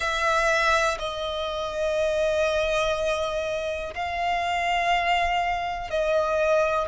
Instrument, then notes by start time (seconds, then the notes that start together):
violin
0.00 E5
0.98 D#5
3.94 F5
5.90 D#5